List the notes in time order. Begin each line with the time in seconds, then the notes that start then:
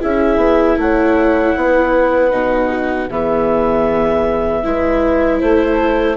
0.00 C#4 E4 G#4 E5
0.37 B3
0.77 A3 C#5 F#5
1.56 B3 B4
2.31 B2 D#4
2.69 F#4
3.10 E3 B3 G#4 E5
4.63 G#3 E4 B4
5.38 A3 A4 C5